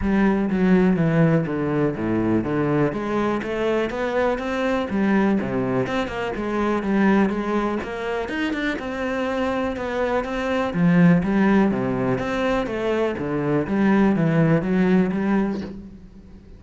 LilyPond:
\new Staff \with { instrumentName = "cello" } { \time 4/4 \tempo 4 = 123 g4 fis4 e4 d4 | a,4 d4 gis4 a4 | b4 c'4 g4 c4 | c'8 ais8 gis4 g4 gis4 |
ais4 dis'8 d'8 c'2 | b4 c'4 f4 g4 | c4 c'4 a4 d4 | g4 e4 fis4 g4 | }